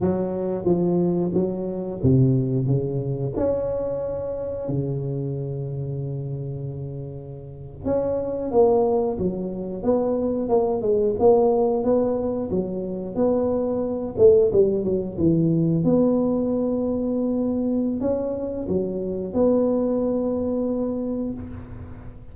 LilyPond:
\new Staff \with { instrumentName = "tuba" } { \time 4/4 \tempo 4 = 90 fis4 f4 fis4 c4 | cis4 cis'2 cis4~ | cis2.~ cis8. cis'16~ | cis'8. ais4 fis4 b4 ais16~ |
ais16 gis8 ais4 b4 fis4 b16~ | b4~ b16 a8 g8 fis8 e4 b16~ | b2. cis'4 | fis4 b2. | }